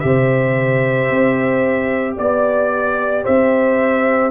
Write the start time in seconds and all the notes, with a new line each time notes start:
0.00 C3 G4 E5
0.07 C5
1.10 C4
2.17 B3 D5
3.24 C4 C5 E5